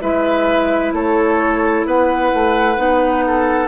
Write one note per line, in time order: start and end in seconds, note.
0.00 0.92 G#3
0.00 2.76 E4
0.00 0.93 B4
0.00 0.93 E5
0.92 1.85 A3
0.92 1.86 A4
0.92 1.86 C#5
1.85 2.31 B3
1.85 3.25 B4
1.85 3.68 F#5
2.33 2.77 A3
2.76 3.68 B3
2.76 3.68 D#4
3.26 3.68 A4